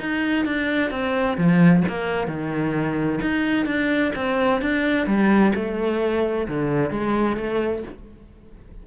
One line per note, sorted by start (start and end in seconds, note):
0.00 0.46 D#4
0.46 0.91 D4
0.91 1.37 C4
1.37 1.84 F3
1.88 2.28 A#3
2.28 3.20 D#3
3.22 3.66 D#4
3.66 4.12 D4
4.15 4.62 C4
4.62 5.07 D4
5.07 5.53 G3
5.55 6.47 A3
6.48 6.91 D3
6.91 7.37 G#3
7.37 7.83 A3